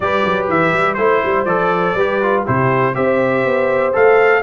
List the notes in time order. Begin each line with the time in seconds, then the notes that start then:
0.00 G3 G4 B4 D5
0.24 F#3
0.48 E3 E5
0.73 G3
0.94 A3 E4 C5
1.24 G3
1.45 F3 A4 D5
1.94 G3 G4 B4
2.22 F4
2.45 C3 E4 G4 C5
2.94 C4 G4 C5 E5
3.45 B3
3.92 A3 A4 F5